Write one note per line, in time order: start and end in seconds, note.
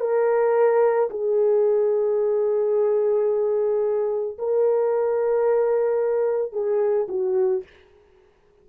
0.00 1.09 A#4
1.10 4.37 G#4
4.38 6.53 A#4
6.53 7.07 G#4
7.08 7.63 F#4